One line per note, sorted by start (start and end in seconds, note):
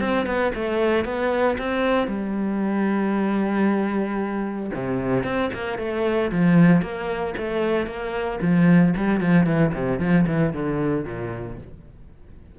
0.00 0.26 C4
0.26 0.52 B3
0.55 1.04 A3
1.04 1.57 B3
1.58 2.07 C4
2.07 4.70 G3
4.74 5.24 C3
5.24 5.50 C4
5.53 5.78 A#3
5.78 6.31 A3
6.31 6.81 F3
6.81 7.34 A#3
7.37 7.86 A3
7.86 8.39 A#3
8.41 8.94 F3
8.96 9.20 G3
9.20 9.46 F3
9.46 9.72 E3
9.73 9.99 C3
9.99 10.26 F3
10.27 10.53 E3
10.53 11.05 D3
11.05 11.57 A#2